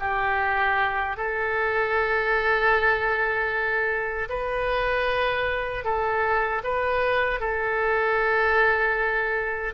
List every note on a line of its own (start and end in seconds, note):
0.00 1.17 G4
1.17 4.29 A4
4.29 5.84 B4
5.84 6.62 A4
6.64 7.40 B4
7.40 9.74 A4